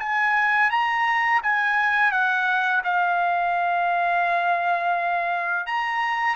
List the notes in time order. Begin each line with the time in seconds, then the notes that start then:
0.00 G#5
0.71 A#5
1.43 G#5
2.12 F#5
2.84 F5
5.67 A#5